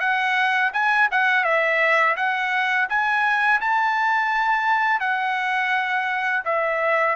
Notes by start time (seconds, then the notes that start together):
0.00 F#5
0.73 G#5
1.11 F#5
1.44 E5
2.17 F#5
2.89 G#5
3.61 A5
5.00 F#5
6.45 E5